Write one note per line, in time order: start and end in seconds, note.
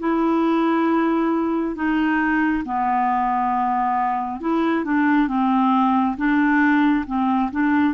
0.00 1.76 E4
1.76 2.64 D#4
2.65 4.41 B3
4.41 4.85 E4
4.85 5.28 D4
5.28 6.16 C4
6.17 7.05 D4
7.07 7.51 C4
7.52 7.95 D4